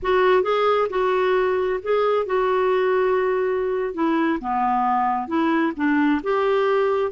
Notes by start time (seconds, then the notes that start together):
0.02 F#4
0.43 G#4
0.89 F#4
1.82 G#4
2.26 F#4
3.94 E4
4.40 B3
5.27 E4
5.76 D4
6.23 G4